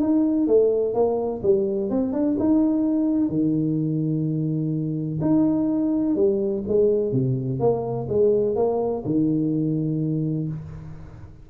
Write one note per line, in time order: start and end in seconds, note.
0.00 0.47 D#4
0.47 0.94 A3
0.94 1.41 A#3
1.42 1.90 G3
1.90 2.13 C4
2.13 2.36 D4
2.39 3.29 D#4
3.29 5.19 D#3
5.21 6.15 D#4
6.15 6.63 G3
6.67 7.12 G#3
7.12 7.59 C3
7.59 8.07 A#3
8.09 8.55 G#3
8.55 9.03 A#3
9.05 10.48 D#3